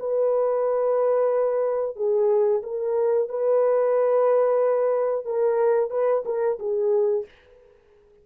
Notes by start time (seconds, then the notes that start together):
0.00 B4
1.97 G#4
2.63 A#4
3.29 B4
5.26 A#4
5.91 B4
6.26 A#4
6.60 G#4